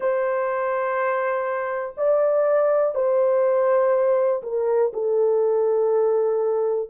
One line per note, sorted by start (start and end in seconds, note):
0.00 1.94 C5
1.97 2.94 D5
2.94 4.42 C5
4.43 4.92 A#4
4.93 6.89 A4